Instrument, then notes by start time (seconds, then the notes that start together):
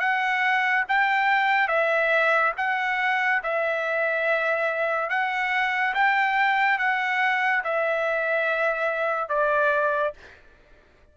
trumpet
0.00 F#5
0.89 G5
1.68 E5
2.58 F#5
3.44 E5
5.10 F#5
5.95 G5
6.79 F#5
7.64 E5
9.30 D5